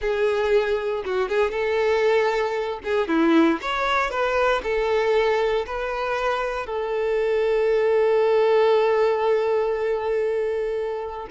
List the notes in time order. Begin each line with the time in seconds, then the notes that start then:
0.01 G#4
1.05 F#4
1.28 G#4
1.51 A4
2.84 G#4
3.08 E4
3.61 C#5
4.10 B4
4.63 A4
5.66 B4
6.66 A4